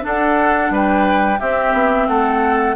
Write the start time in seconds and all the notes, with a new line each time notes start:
0.00 D4 A4 F#5
0.70 G3 B4 G5
1.39 C4 G4 E5
1.73 B3
2.07 A3 A4 F#5